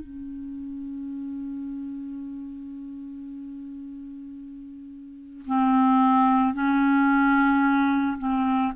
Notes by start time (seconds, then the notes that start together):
0.00 C#4
5.46 C4
6.54 C#4
8.18 C4